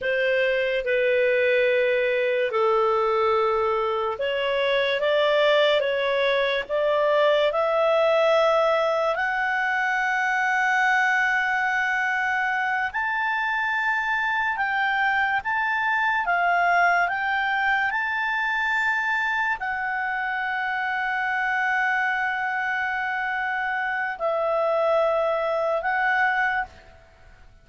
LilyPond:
\new Staff \with { instrumentName = "clarinet" } { \time 4/4 \tempo 4 = 72 c''4 b'2 a'4~ | a'4 cis''4 d''4 cis''4 | d''4 e''2 fis''4~ | fis''2.~ fis''8 a''8~ |
a''4. g''4 a''4 f''8~ | f''8 g''4 a''2 fis''8~ | fis''1~ | fis''4 e''2 fis''4 | }